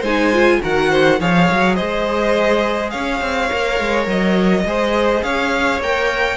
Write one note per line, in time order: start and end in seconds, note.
0.00 0.60 G#3
0.00 0.33 D#4
0.00 0.58 C5
0.00 0.62 G#5
0.33 0.61 F4
0.61 1.20 D#3
0.61 1.19 F#4
0.61 0.90 A#4
0.61 1.21 F#5
0.90 1.19 C5
1.20 1.49 F3
1.20 3.50 G#4
1.20 1.75 C#5
1.20 1.75 F5
1.52 1.80 F#3
1.75 2.94 G#3
1.75 2.91 C5
1.75 2.90 D#5
2.90 3.21 C#4
2.90 4.64 C#5
2.90 4.06 F5
3.21 3.50 C4
3.50 3.80 A#3
3.50 4.65 A#4
3.80 4.06 G#3
4.06 4.64 F#3
4.06 5.23 D#5
4.65 5.22 G#3
4.65 5.82 G#4
4.65 5.24 C5
5.23 5.80 C#4
5.23 6.37 C#5
5.23 5.81 F5
5.80 6.37 A#3
5.80 6.37 A#4
5.80 6.37 G5